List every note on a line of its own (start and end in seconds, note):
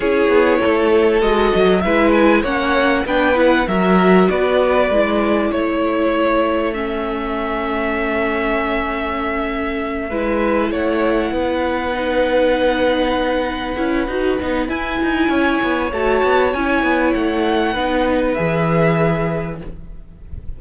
0.00 0.28 C#4
0.00 1.21 E4
0.00 0.59 G#4
0.00 1.21 C#5
0.28 0.59 B3
0.59 1.21 A3
0.59 1.82 A4
1.21 1.52 G#3
1.21 1.83 F#4
1.21 1.80 D#5
1.55 1.85 F#3
1.80 2.43 G#3
1.80 2.44 E4
1.80 2.41 B4
1.80 2.11 E5
2.12 2.42 G#5
2.41 3.04 A#3
2.41 3.06 C#4
2.41 3.03 C#5
2.41 3.05 F#5
3.05 3.66 B3
3.05 3.34 D4
3.05 3.67 B4
3.05 3.37 G5
3.34 3.65 E4
3.34 3.67 F#5
3.67 4.28 F#3
3.67 4.91 F#4
3.67 4.29 A#4
3.67 4.29 E5
4.29 4.89 B3
4.29 5.51 B4
4.29 5.51 D5
4.89 5.51 G#3
4.89 6.74 E4
5.51 10.09 A3
5.51 10.10 A4
5.51 6.74 C#5
6.74 10.10 C#4
6.74 10.72 E5
10.09 10.71 G#3
10.09 11.93 E4
10.09 10.71 B4
10.71 11.31 A3
10.71 11.32 C#5
10.71 14.68 F#5
11.31 13.76 B3
11.31 15.29 B4
11.93 13.76 D#4
13.76 14.07 C#4
13.76 14.07 E4
14.07 14.38 D#4
14.07 14.38 F#4
14.39 14.68 B3
14.39 14.67 D#4
14.67 15.90 E4
14.67 14.99 E4
14.67 15.91 G#5
15.02 15.29 D#4
15.29 15.59 C#4
15.29 17.72 C#5
15.62 15.91 B3
15.91 16.22 A3
15.91 16.54 F#4
15.91 16.53 A5
16.23 16.53 B3
16.53 16.83 C#4
16.53 17.74 E4
16.53 17.13 G#5
16.83 17.13 B3
17.13 17.74 A3
17.13 18.33 F#5
17.72 18.36 B3
17.72 18.35 D#4
17.72 19.56 B4
18.33 19.61 E3
18.33 19.58 G#4
18.33 19.55 E5